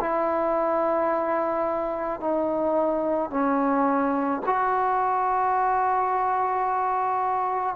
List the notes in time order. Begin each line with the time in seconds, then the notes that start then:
0.00 E4
2.20 D#4
3.30 C#4
4.45 F#4